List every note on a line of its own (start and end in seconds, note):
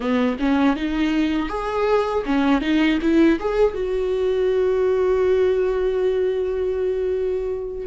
0.00 0.37 B3
0.39 0.76 C#4
0.76 1.48 D#4
1.48 2.23 G#4
2.25 2.61 C#4
2.61 2.98 D#4
3.01 3.39 E4
3.40 3.74 G#4
3.74 7.86 F#4